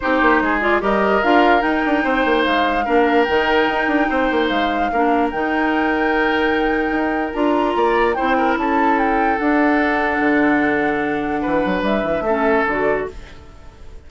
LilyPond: <<
  \new Staff \with { instrumentName = "flute" } { \time 4/4 \tempo 4 = 147 c''4. d''8 dis''4 f''4 | g''2 f''2 | g''2. f''4~ | f''4 g''2.~ |
g''2 ais''2 | g''4 a''4 g''4 fis''4~ | fis''1~ | fis''4 e''2 d''4 | }
  \new Staff \with { instrumentName = "oboe" } { \time 4/4 g'4 gis'4 ais'2~ | ais'4 c''2 ais'4~ | ais'2 c''2 | ais'1~ |
ais'2. d''4 | c''8 ais'8 a'2.~ | a'1 | b'2 a'2 | }
  \new Staff \with { instrumentName = "clarinet" } { \time 4/4 dis'4. f'8 g'4 f'4 | dis'2. d'4 | dis'1 | d'4 dis'2.~ |
dis'2 f'2 | e'2. d'4~ | d'1~ | d'2 cis'4 fis'4 | }
  \new Staff \with { instrumentName = "bassoon" } { \time 4/4 c'8 ais8 gis4 g4 d'4 | dis'8 d'8 c'8 ais8 gis4 ais4 | dis4 dis'8 d'8 c'8 ais8 gis4 | ais4 dis2.~ |
dis4 dis'4 d'4 ais4 | c'4 cis'2 d'4~ | d'4 d2. | e8 fis8 g8 e8 a4 d4 | }
>>